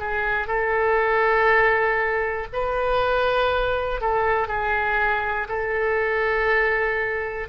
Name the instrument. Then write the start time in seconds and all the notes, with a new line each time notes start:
oboe
0.00 G#4
0.47 A4
2.53 B4
4.00 A4
4.48 G#4
5.48 A4